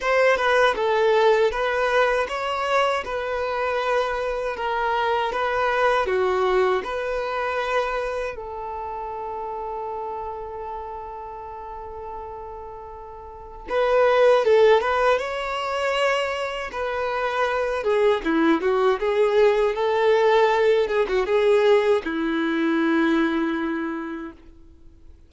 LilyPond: \new Staff \with { instrumentName = "violin" } { \time 4/4 \tempo 4 = 79 c''8 b'8 a'4 b'4 cis''4 | b'2 ais'4 b'4 | fis'4 b'2 a'4~ | a'1~ |
a'2 b'4 a'8 b'8 | cis''2 b'4. gis'8 | e'8 fis'8 gis'4 a'4. gis'16 fis'16 | gis'4 e'2. | }